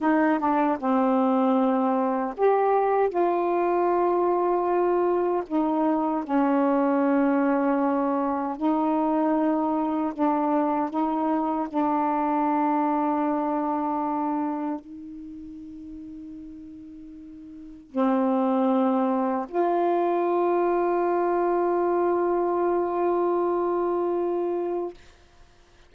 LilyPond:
\new Staff \with { instrumentName = "saxophone" } { \time 4/4 \tempo 4 = 77 dis'8 d'8 c'2 g'4 | f'2. dis'4 | cis'2. dis'4~ | dis'4 d'4 dis'4 d'4~ |
d'2. dis'4~ | dis'2. c'4~ | c'4 f'2.~ | f'1 | }